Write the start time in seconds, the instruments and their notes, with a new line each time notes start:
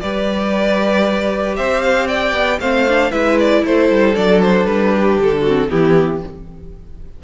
0.00 cello G3, viola G4, violin B4 D5
1.56 cello C4, violin C5 E5
1.81 violin F5
2.07 violin D5 G5
2.33 cello B3
2.59 cello A3, viola C4, violin C5 F5
2.88 viola D4
3.11 cello G#3, viola E4, violin B4 E5
3.39 violin D5
3.64 cello A3, violin A4 C5
3.90 cello G3
4.15 cello F#3, viola D4, violin D5
4.42 violin C5
4.65 cello G3, violin B4
4.94 violin G4
5.17 cello D3, violin A4
5.41 viola C4, violin F#4
5.69 cello E3, viola B3, violin E4 G4